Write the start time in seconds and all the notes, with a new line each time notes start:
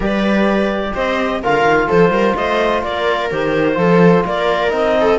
0.00 G3 G4 B4 D5
0.94 C4 C5 D#5
1.42 D3 F4 A#4 F5
1.64 D#3
1.87 F3 A4 C5
2.10 G3 A#4
2.35 A3 C5 D#5
2.83 A#3 A#4 D5
3.31 D#3 G4 C5
3.74 F3 F4 A4
4.26 A#3 A#4 D5
4.68 C4 D#4
4.75 D#5
5.00 A4